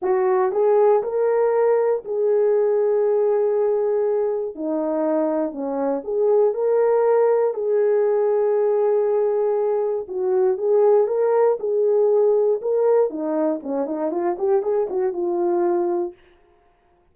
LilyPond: \new Staff \with { instrumentName = "horn" } { \time 4/4 \tempo 4 = 119 fis'4 gis'4 ais'2 | gis'1~ | gis'4 dis'2 cis'4 | gis'4 ais'2 gis'4~ |
gis'1 | fis'4 gis'4 ais'4 gis'4~ | gis'4 ais'4 dis'4 cis'8 dis'8 | f'8 g'8 gis'8 fis'8 f'2 | }